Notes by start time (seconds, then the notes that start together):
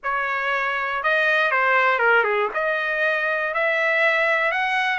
0.03 C#5
1.02 D#5
1.51 C5
1.98 A#4
2.24 G#4
2.54 D#5
3.53 E5
4.51 F#5